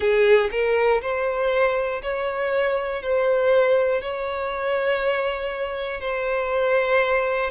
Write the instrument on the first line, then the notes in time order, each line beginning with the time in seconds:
violin
0.00 G#4
0.50 A#4
1.01 C5
2.02 C#5
3.02 C5
4.01 C#5
6.00 C5